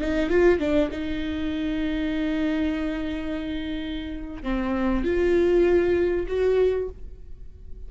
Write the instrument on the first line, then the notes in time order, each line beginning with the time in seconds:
viola
0.00 D#4
0.29 F4
0.59 D4
0.91 D#4
4.43 C4
5.04 F4
6.27 F#4